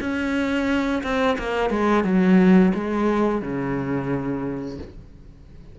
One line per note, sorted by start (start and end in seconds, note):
0.00 1.02 C#4
1.03 1.37 C4
1.38 1.70 A#3
1.70 2.04 G#3
2.04 2.72 F#3
2.74 3.41 G#3
3.41 4.78 C#3